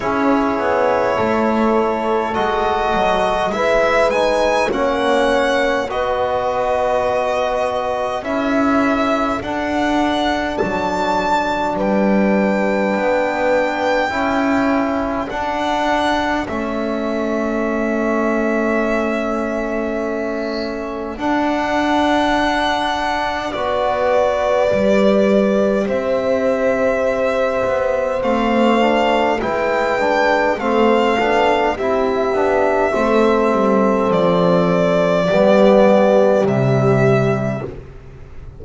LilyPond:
<<
  \new Staff \with { instrumentName = "violin" } { \time 4/4 \tempo 4 = 51 cis''2 dis''4 e''8 gis''8 | fis''4 dis''2 e''4 | fis''4 a''4 g''2~ | g''4 fis''4 e''2~ |
e''2 fis''2 | d''2 e''2 | f''4 g''4 f''4 e''4~ | e''4 d''2 e''4 | }
  \new Staff \with { instrumentName = "horn" } { \time 4/4 gis'4 a'2 b'4 | cis''4 b'2 a'4~ | a'2 b'2 | a'1~ |
a'1 | b'2 c''2~ | c''4 b'4 a'4 g'4 | a'2 g'2 | }
  \new Staff \with { instrumentName = "trombone" } { \time 4/4 e'2 fis'4 e'8 dis'8 | cis'4 fis'2 e'4 | d'1 | e'4 d'4 cis'2~ |
cis'2 d'2 | fis'4 g'2. | c'8 d'8 e'8 d'8 c'8 d'8 e'8 d'8 | c'2 b4 g4 | }
  \new Staff \with { instrumentName = "double bass" } { \time 4/4 cis'8 b8 a4 gis8 fis8 gis4 | ais4 b2 cis'4 | d'4 fis4 g4 b4 | cis'4 d'4 a2~ |
a2 d'2 | b4 g4 c'4. b8 | a4 gis4 a8 b8 c'8 b8 | a8 g8 f4 g4 c4 | }
>>